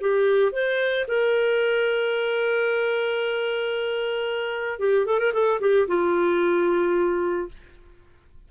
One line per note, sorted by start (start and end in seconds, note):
0.00 0.52 G4
0.52 1.05 C5
1.07 4.79 A#4
4.79 5.06 G4
5.06 5.19 A4
5.19 5.32 A#4
5.33 5.60 A4
5.60 5.87 G4
5.87 7.48 F4